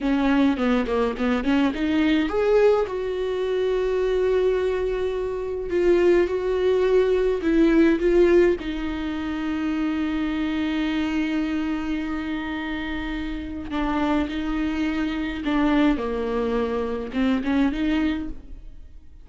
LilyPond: \new Staff \with { instrumentName = "viola" } { \time 4/4 \tempo 4 = 105 cis'4 b8 ais8 b8 cis'8 dis'4 | gis'4 fis'2.~ | fis'2 f'4 fis'4~ | fis'4 e'4 f'4 dis'4~ |
dis'1~ | dis'1 | d'4 dis'2 d'4 | ais2 c'8 cis'8 dis'4 | }